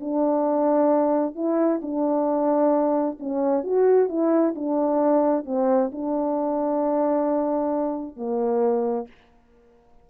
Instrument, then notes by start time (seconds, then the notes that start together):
horn
0.00 D4
1.35 E4
1.82 D4
3.20 C#4
3.64 F#4
4.09 E4
4.55 D4
5.45 C4
5.92 D4
8.17 A#3